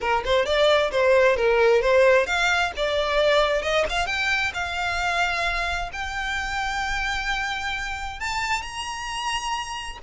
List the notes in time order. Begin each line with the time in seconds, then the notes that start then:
0.00 A#4
0.25 C5
0.45 D5
0.91 C5
1.36 A#4
1.81 C5
2.26 F5
2.76 D5
3.62 D#5
3.89 F5
4.06 G5
4.54 F5
5.92 G5
8.20 A5
8.61 A#5